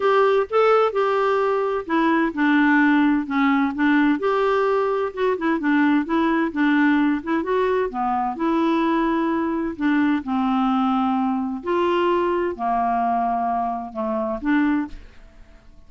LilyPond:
\new Staff \with { instrumentName = "clarinet" } { \time 4/4 \tempo 4 = 129 g'4 a'4 g'2 | e'4 d'2 cis'4 | d'4 g'2 fis'8 e'8 | d'4 e'4 d'4. e'8 |
fis'4 b4 e'2~ | e'4 d'4 c'2~ | c'4 f'2 ais4~ | ais2 a4 d'4 | }